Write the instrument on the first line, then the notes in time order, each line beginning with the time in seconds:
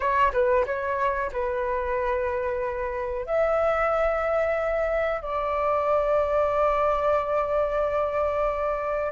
flute
0.00 C#5
0.32 B4
0.66 C#5
1.32 B4
3.26 E5
5.21 D5